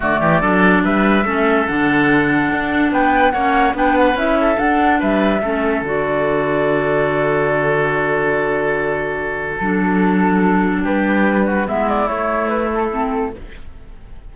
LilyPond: <<
  \new Staff \with { instrumentName = "flute" } { \time 4/4 \tempo 4 = 144 d''2 e''2 | fis''2. g''4 | fis''4 g''8 fis''8 e''4 fis''4 | e''2 d''2~ |
d''1~ | d''2. a'4~ | a'2 b'2 | e''8 d''8 cis''4 b'8 a'4. | }
  \new Staff \with { instrumentName = "oboe" } { \time 4/4 fis'8 g'8 a'4 b'4 a'4~ | a'2. b'4 | cis''4 b'4. a'4. | b'4 a'2.~ |
a'1~ | a'1~ | a'2 g'4. fis'8 | e'1 | }
  \new Staff \with { instrumentName = "clarinet" } { \time 4/4 a4 d'2 cis'4 | d'1 | cis'4 d'4 e'4 d'4~ | d'4 cis'4 fis'2~ |
fis'1~ | fis'2. d'4~ | d'1 | b4 a2 c'4 | }
  \new Staff \with { instrumentName = "cello" } { \time 4/4 d8 e8 fis4 g4 a4 | d2 d'4 b4 | ais4 b4 cis'4 d'4 | g4 a4 d2~ |
d1~ | d2. fis4~ | fis2 g2 | gis4 a2. | }
>>